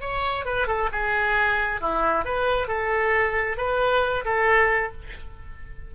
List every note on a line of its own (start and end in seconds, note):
0.00 0.45 C#5
0.45 0.67 B4
0.67 0.89 A4
0.92 1.81 G#4
1.81 2.24 E4
2.24 2.67 B4
2.67 3.57 A4
3.57 4.24 B4
4.25 4.92 A4